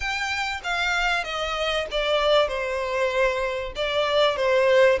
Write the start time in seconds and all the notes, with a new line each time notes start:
0.00 G5
0.63 F5
1.23 D#5
1.91 D5
2.47 C5
3.75 D5
4.36 C5